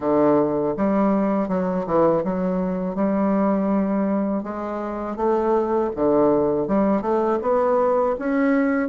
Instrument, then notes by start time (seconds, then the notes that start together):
bassoon
0.00 D3
0.76 G3
1.48 F#3
1.86 E3
2.24 F#3
2.95 G3
4.43 G#3
5.16 A3
5.95 D3
6.67 G3
7.01 A3
7.41 B3
8.19 C#4